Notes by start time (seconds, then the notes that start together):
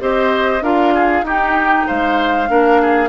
0.00 C4 G4 C5 D#5
0.61 D4 F4 A#4 F5
0.94 G#4
1.23 D#4 G4 G5
1.87 G#3 C5 F5
2.48 A#3 D4 A#4
2.82 G#4